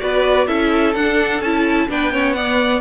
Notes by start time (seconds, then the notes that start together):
0.00 B3 F#4 B4 D5
0.46 C#4 E4 A4 E5
0.95 D4 F#5
1.40 C#4 E4 A5
1.88 B3 D4 B4 G5
2.12 C#4 C#5
2.33 B3 D5 F#5